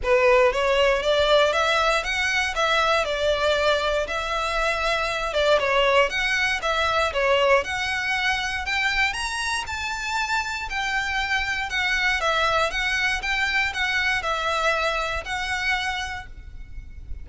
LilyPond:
\new Staff \with { instrumentName = "violin" } { \time 4/4 \tempo 4 = 118 b'4 cis''4 d''4 e''4 | fis''4 e''4 d''2 | e''2~ e''8 d''8 cis''4 | fis''4 e''4 cis''4 fis''4~ |
fis''4 g''4 ais''4 a''4~ | a''4 g''2 fis''4 | e''4 fis''4 g''4 fis''4 | e''2 fis''2 | }